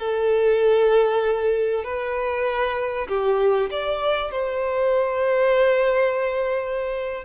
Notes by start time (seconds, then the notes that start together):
0.00 A4
1.84 B4
3.08 G4
3.71 D5
4.32 C5